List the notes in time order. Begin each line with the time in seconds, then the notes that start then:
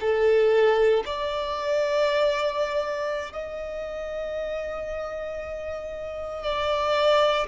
0.00 A4
1.05 D5
3.32 D#5
6.43 D5